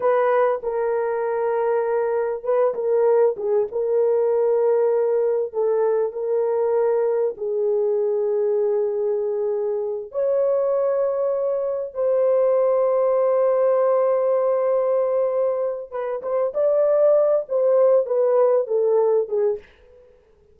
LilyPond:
\new Staff \with { instrumentName = "horn" } { \time 4/4 \tempo 4 = 98 b'4 ais'2. | b'8 ais'4 gis'8 ais'2~ | ais'4 a'4 ais'2 | gis'1~ |
gis'8 cis''2. c''8~ | c''1~ | c''2 b'8 c''8 d''4~ | d''8 c''4 b'4 a'4 gis'8 | }